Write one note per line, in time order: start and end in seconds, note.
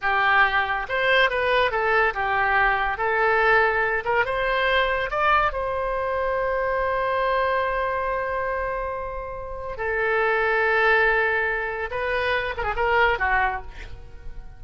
0.01 0.86 G4
0.89 1.29 C5
1.29 1.71 B4
1.71 2.13 A4
2.14 2.97 G4
2.97 4.04 A4
4.04 4.25 A#4
4.25 5.10 C5
5.10 5.52 D5
5.52 9.77 C5
9.77 11.90 A4
11.90 12.54 B4
12.57 12.73 G#4
12.57 12.63 A#4
12.76 13.18 A#4
13.19 13.61 F#4